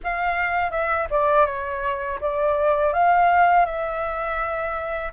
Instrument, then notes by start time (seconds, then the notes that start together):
flute
0.03 F5
0.71 E5
1.10 D5
1.46 C#5
2.21 D5
2.93 F5
3.65 E5